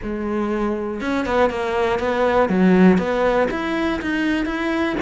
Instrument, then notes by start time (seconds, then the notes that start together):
cello
0.02 G#3
1.00 C#4
1.25 B3
1.50 A#3
1.99 B3
2.49 F#3
2.97 B3
3.50 E4
4.01 D#4
4.45 E4